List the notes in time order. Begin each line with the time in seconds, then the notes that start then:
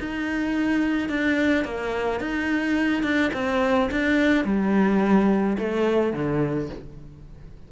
0.00 D#4
1.09 D4
1.65 A#3
2.20 D#4
3.03 D4
3.34 C4
3.91 D4
4.45 G3
5.58 A3
6.14 D3